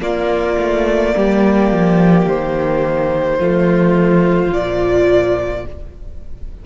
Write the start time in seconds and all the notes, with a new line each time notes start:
0.00 A#3 F4 D5
0.58 A3
1.16 G3 G4
1.72 F3
2.26 D#3 C5
3.38 F3 A3 F4
4.51 A#2 F3 D5